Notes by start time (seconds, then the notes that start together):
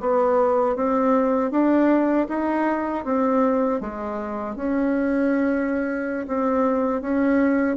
0.00 B3
0.75 C4
1.51 D4
2.28 D#4
3.04 C4
3.80 G#3
4.55 C#4
6.27 C4
7.01 C#4